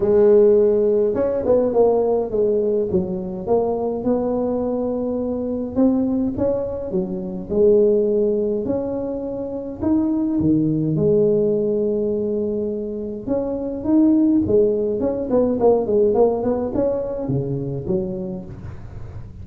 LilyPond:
\new Staff \with { instrumentName = "tuba" } { \time 4/4 \tempo 4 = 104 gis2 cis'8 b8 ais4 | gis4 fis4 ais4 b4~ | b2 c'4 cis'4 | fis4 gis2 cis'4~ |
cis'4 dis'4 dis4 gis4~ | gis2. cis'4 | dis'4 gis4 cis'8 b8 ais8 gis8 | ais8 b8 cis'4 cis4 fis4 | }